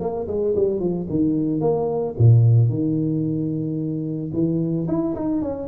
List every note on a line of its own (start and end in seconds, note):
0.00 0.27 A#3
0.27 0.54 G#3
0.55 0.80 G3
0.80 1.07 F3
1.09 1.60 D#3
1.60 2.14 A#3
2.18 2.69 A#2
2.69 4.31 D#3
4.33 4.87 E3
4.88 5.15 E4
5.15 5.42 D#4
5.42 5.67 C#4